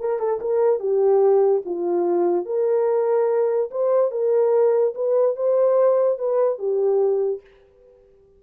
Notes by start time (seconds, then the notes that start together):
0.00 A#4
0.19 A4
0.41 A#4
0.80 G4
1.66 F4
2.46 A#4
3.71 C5
4.11 A#4
4.95 B4
5.36 C5
6.19 B4
6.58 G4